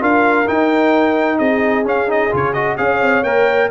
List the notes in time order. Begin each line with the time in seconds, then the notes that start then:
0.00 D4 F4 A#4 F5
0.47 D#4 G5
1.38 C4 G#4 D#5
1.85 C#4 F5
2.07 D#4 D#5
2.30 C#3 F4 C#5
2.53 F#4 D#5
2.77 C#4 G#4 C#5 F5
3.02 C4
3.24 A#3 A#4 G5